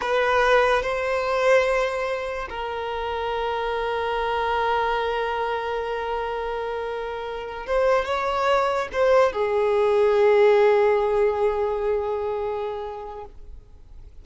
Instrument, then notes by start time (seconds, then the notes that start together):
violin
0.01 B4
0.82 C5
2.49 A#4
7.66 C5
8.05 C#5
8.92 C5
9.32 G#4